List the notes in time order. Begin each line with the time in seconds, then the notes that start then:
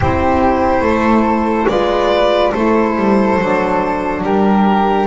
0.00 C4 E4 G4 C5
0.80 A3 A4
1.67 G#3 F4 B4 D5
2.51 A3 E4 A4 C5
2.95 G3
3.39 F#3 D4
4.23 G3 G4 A#4